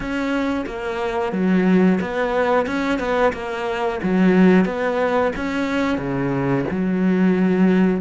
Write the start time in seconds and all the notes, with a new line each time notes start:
0.00 C#4
0.66 A#3
1.32 F#3
2.01 B3
2.66 C#4
2.99 B3
3.32 A#3
4.03 F#3
4.65 B3
5.35 C#4
5.98 C#3
6.70 F#3